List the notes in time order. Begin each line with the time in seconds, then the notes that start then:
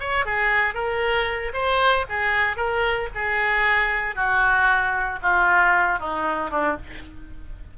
0.00 C#5
0.26 G#4
0.74 A#4
1.54 C5
2.09 G#4
2.57 A#4
3.15 G#4
4.15 F#4
5.22 F4
6.00 D#4
6.51 D4